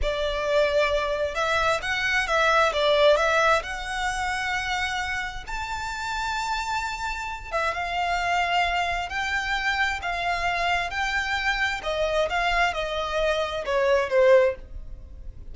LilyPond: \new Staff \with { instrumentName = "violin" } { \time 4/4 \tempo 4 = 132 d''2. e''4 | fis''4 e''4 d''4 e''4 | fis''1 | a''1~ |
a''8 e''8 f''2. | g''2 f''2 | g''2 dis''4 f''4 | dis''2 cis''4 c''4 | }